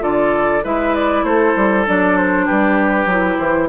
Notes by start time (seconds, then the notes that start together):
0.00 D3 F4 A4 D5
0.64 G#3 E4 B4 E5
0.94 D5
1.23 A3 A4 C5
1.56 G3
1.86 F#3 D4 D5
2.17 C5
2.46 G3 G4 B4
3.06 F#3 E4
3.37 E3 C5